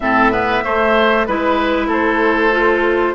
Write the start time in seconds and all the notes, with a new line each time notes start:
0.00 A2 C4 A4 E5
0.31 B3 B4
0.63 A3 C5
1.25 G#3 E4 B4
1.87 A3 A4 C5
2.51 F4